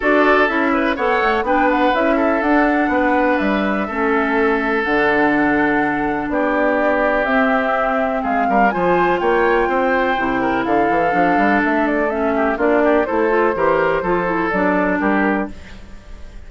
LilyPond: <<
  \new Staff \with { instrumentName = "flute" } { \time 4/4 \tempo 4 = 124 d''4 e''4 fis''4 g''8 fis''8 | e''4 fis''2 e''4~ | e''2 fis''2~ | fis''4 d''2 e''4~ |
e''4 f''4 gis''4 g''4~ | g''2 f''2 | e''8 d''8 e''4 d''4 c''4~ | c''2 d''4 ais'4 | }
  \new Staff \with { instrumentName = "oboe" } { \time 4/4 a'4. b'8 cis''4 b'4~ | b'8 a'4. b'2 | a'1~ | a'4 g'2.~ |
g'4 gis'8 ais'8 c''4 cis''4 | c''4. ais'8 a'2~ | a'4. g'8 f'8 g'8 a'4 | ais'4 a'2 g'4 | }
  \new Staff \with { instrumentName = "clarinet" } { \time 4/4 fis'4 e'4 a'4 d'4 | e'4 d'2. | cis'2 d'2~ | d'2. c'4~ |
c'2 f'2~ | f'4 e'2 d'4~ | d'4 cis'4 d'4 e'8 f'8 | g'4 f'8 e'8 d'2 | }
  \new Staff \with { instrumentName = "bassoon" } { \time 4/4 d'4 cis'4 b8 a8 b4 | cis'4 d'4 b4 g4 | a2 d2~ | d4 b2 c'4~ |
c'4 gis8 g8 f4 ais4 | c'4 c4 d8 e8 f8 g8 | a2 ais4 a4 | e4 f4 fis4 g4 | }
>>